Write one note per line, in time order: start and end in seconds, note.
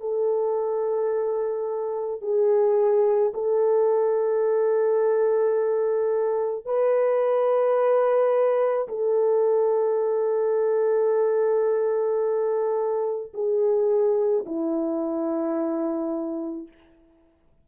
0.00 2.21 A4
2.21 3.32 G#4
3.33 6.65 A4
6.65 8.87 B4
8.88 13.32 A4
13.33 14.44 G#4
14.45 16.68 E4